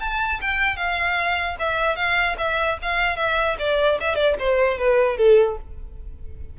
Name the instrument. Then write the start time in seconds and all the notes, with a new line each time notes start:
violin
0.00 A5
0.41 G5
0.77 F5
1.59 E5
1.96 F5
2.38 E5
2.82 F5
3.17 E5
3.59 D5
4.01 E5
4.15 D5
4.39 C5
4.78 B4
5.17 A4